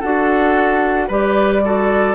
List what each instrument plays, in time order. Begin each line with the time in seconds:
0.00 bassoon D4, clarinet F#4, oboe A4, flute F#5
1.08 bassoon G3, clarinet G4, oboe B4, flute D5
1.65 clarinet F#4, oboe A4